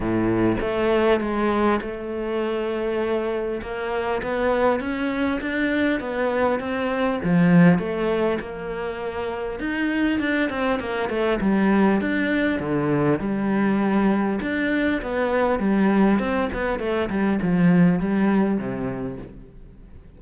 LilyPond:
\new Staff \with { instrumentName = "cello" } { \time 4/4 \tempo 4 = 100 a,4 a4 gis4 a4~ | a2 ais4 b4 | cis'4 d'4 b4 c'4 | f4 a4 ais2 |
dis'4 d'8 c'8 ais8 a8 g4 | d'4 d4 g2 | d'4 b4 g4 c'8 b8 | a8 g8 f4 g4 c4 | }